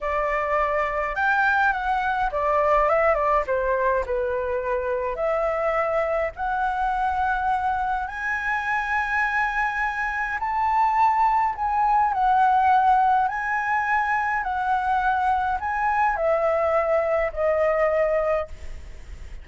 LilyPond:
\new Staff \with { instrumentName = "flute" } { \time 4/4 \tempo 4 = 104 d''2 g''4 fis''4 | d''4 e''8 d''8 c''4 b'4~ | b'4 e''2 fis''4~ | fis''2 gis''2~ |
gis''2 a''2 | gis''4 fis''2 gis''4~ | gis''4 fis''2 gis''4 | e''2 dis''2 | }